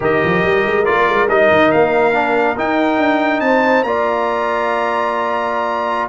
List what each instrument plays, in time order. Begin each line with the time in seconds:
0.00 tuba D#3, trombone G4, horn A#4, trumpet D#5
0.23 tuba F3
0.43 tuba G3
0.65 tuba G#3
0.85 tuba A#3, trombone F4, trumpet D5
1.09 tuba G#3
1.28 tuba G3, trombone D#4, trumpet D#5
1.50 tuba D#3
1.71 tuba A#3, trumpet F5
2.13 trombone D4
2.57 trombone D#4, tuba D#4, trumpet G5
2.98 tuba D4
3.40 tuba C4, horn C5, trumpet A5
3.83 tuba A#3, trombone F4, horn D5, trumpet A#5